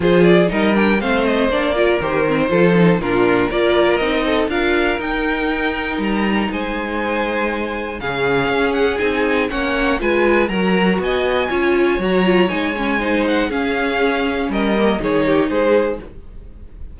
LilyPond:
<<
  \new Staff \with { instrumentName = "violin" } { \time 4/4 \tempo 4 = 120 c''8 d''8 dis''8 g''8 f''8 dis''8 d''4 | c''2 ais'4 d''4 | dis''4 f''4 g''2 | ais''4 gis''2. |
f''4. fis''8 gis''4 fis''4 | gis''4 ais''4 gis''2 | ais''4 gis''4. fis''8 f''4~ | f''4 dis''4 cis''4 c''4 | }
  \new Staff \with { instrumentName = "violin" } { \time 4/4 gis'4 ais'4 c''4. ais'8~ | ais'4 a'4 f'4 ais'4~ | ais'8 a'8 ais'2.~ | ais'4 c''2. |
gis'2. cis''4 | b'4 ais'4 dis''4 cis''4~ | cis''2 c''4 gis'4~ | gis'4 ais'4 gis'8 g'8 gis'4 | }
  \new Staff \with { instrumentName = "viola" } { \time 4/4 f'4 dis'8 d'8 c'4 d'8 f'8 | g'8 c'8 f'8 dis'8 d'4 f'4 | dis'4 f'4 dis'2~ | dis'1 |
cis'2 dis'4 cis'4 | f'4 fis'2 f'4 | fis'8 f'8 dis'8 cis'8 dis'4 cis'4~ | cis'4. ais8 dis'2 | }
  \new Staff \with { instrumentName = "cello" } { \time 4/4 f4 g4 a4 ais4 | dis4 f4 ais,4 ais4 | c'4 d'4 dis'2 | g4 gis2. |
cis4 cis'4 c'4 ais4 | gis4 fis4 b4 cis'4 | fis4 gis2 cis'4~ | cis'4 g4 dis4 gis4 | }
>>